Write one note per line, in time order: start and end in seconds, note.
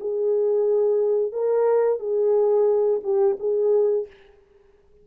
0.00 1.32 G#4
1.32 1.99 A#4
1.99 3.00 G#4
3.03 3.37 G4
3.39 4.07 G#4